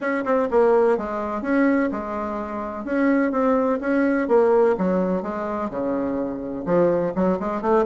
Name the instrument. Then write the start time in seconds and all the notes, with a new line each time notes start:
bassoon
0.00 C#4
0.24 C4
0.50 A#3
0.97 G#3
1.42 C#4
1.91 G#3
2.84 C#4
3.31 C4
3.80 C#4
4.28 A#3
4.78 F#3
5.22 G#3
5.69 C#3
6.65 F3
7.15 F#3
7.39 G#3
7.61 A3